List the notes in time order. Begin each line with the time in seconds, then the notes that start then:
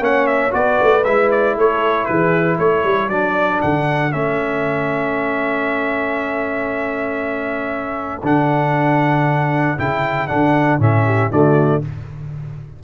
0.00 A#3 C#4 C#5 F#5
0.26 E5
0.51 B3 F#4 B4 D5
0.82 A3
1.04 G#3 E4 E5
1.31 D5
1.57 A3 A4 C#5
2.06 E3 G#4 B4
2.59 A3 A4 C#5
2.84 G3
3.09 F#3 D4 D5
3.62 D3 F#5
4.12 A3 C#4 E5
8.23 D3 D4 F#5
9.78 C#3 E4 G5
10.27 D3 D4 F#5
10.79 A2 C#4 E5
11.05 G4
11.31 D3 A3 F#4 D5